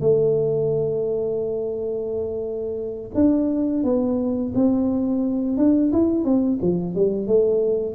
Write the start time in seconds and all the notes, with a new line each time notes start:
0.00 A3
3.14 D4
3.83 B3
4.55 C4
5.57 D4
5.92 E4
6.24 C4
6.61 F3
6.95 G3
7.27 A3